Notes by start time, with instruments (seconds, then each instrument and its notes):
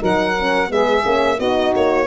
0.00 tuba F#3, horn D#4, saxophone A#4, violin F#5
0.39 horn C#4
0.68 tuba G#3, horn B3, saxophone G#4, violin E5
1.03 tuba A#3, horn C#4
1.36 tuba B3, horn D#4, saxophone F#4, violin D#5
1.75 tuba A#3, violin C#5